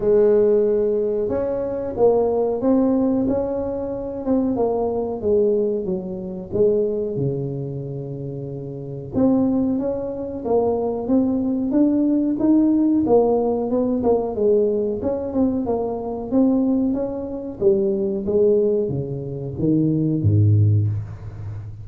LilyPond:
\new Staff \with { instrumentName = "tuba" } { \time 4/4 \tempo 4 = 92 gis2 cis'4 ais4 | c'4 cis'4. c'8 ais4 | gis4 fis4 gis4 cis4~ | cis2 c'4 cis'4 |
ais4 c'4 d'4 dis'4 | ais4 b8 ais8 gis4 cis'8 c'8 | ais4 c'4 cis'4 g4 | gis4 cis4 dis4 gis,4 | }